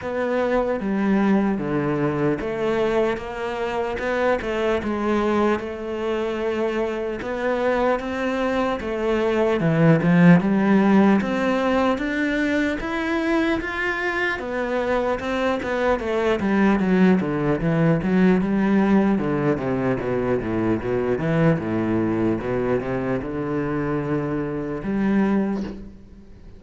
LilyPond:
\new Staff \with { instrumentName = "cello" } { \time 4/4 \tempo 4 = 75 b4 g4 d4 a4 | ais4 b8 a8 gis4 a4~ | a4 b4 c'4 a4 | e8 f8 g4 c'4 d'4 |
e'4 f'4 b4 c'8 b8 | a8 g8 fis8 d8 e8 fis8 g4 | d8 c8 b,8 a,8 b,8 e8 a,4 | b,8 c8 d2 g4 | }